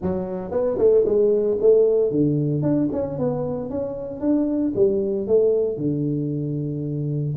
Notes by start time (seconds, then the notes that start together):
0.01 F#3
0.51 B3
0.78 A3
1.05 G#3
1.60 A3
2.11 D3
2.62 D4
2.92 C#4
3.18 B3
3.69 C#4
4.20 D4
4.75 G3
5.27 A3
5.77 D3